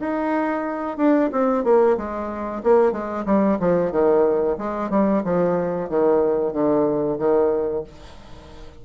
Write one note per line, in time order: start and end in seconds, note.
0.00 0.98 D#4
0.98 1.30 D4
1.33 1.65 C4
1.65 1.97 A#3
1.97 2.63 G#3
2.64 2.92 A#3
2.92 3.25 G#3
3.26 3.58 G3
3.60 3.92 F3
3.92 4.57 D#3
4.58 4.91 G#3
4.91 5.23 G3
5.24 5.90 F3
5.90 6.53 D#3
6.53 7.19 D3
7.19 7.84 D#3